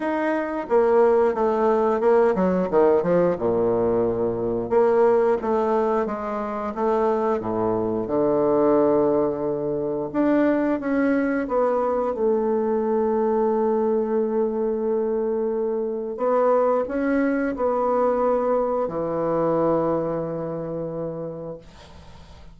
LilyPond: \new Staff \with { instrumentName = "bassoon" } { \time 4/4 \tempo 4 = 89 dis'4 ais4 a4 ais8 fis8 | dis8 f8 ais,2 ais4 | a4 gis4 a4 a,4 | d2. d'4 |
cis'4 b4 a2~ | a1 | b4 cis'4 b2 | e1 | }